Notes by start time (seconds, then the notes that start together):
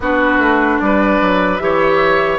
0.00 B3 D4 F#4 B4
0.38 A3
0.79 G3 B4 D5
1.21 F#3
1.57 E3 G4 C#5 E5